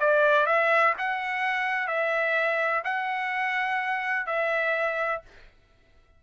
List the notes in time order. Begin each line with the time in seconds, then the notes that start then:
0.00 D5
0.46 E5
0.98 F#5
1.88 E5
2.84 F#5
4.27 E5